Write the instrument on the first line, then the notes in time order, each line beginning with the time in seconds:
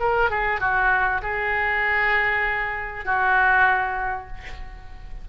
oboe
0.00 A#4
0.31 G#4
0.61 F#4
1.22 G#4
3.05 F#4